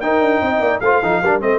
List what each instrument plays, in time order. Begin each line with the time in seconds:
0.00 tuba D#4, trombone D#4, horn A#4, trumpet G5
0.20 tuba D4
0.41 tuba C4, horn D#5
0.59 tuba A#3, horn D5
0.80 tuba A3, trombone F4, horn C5, trumpet F5
1.01 tuba F3, trombone D#4, horn A4
1.22 tuba G3, trombone D4, horn A#4
1.40 tuba A3, trombone C4, horn C5, trumpet D#5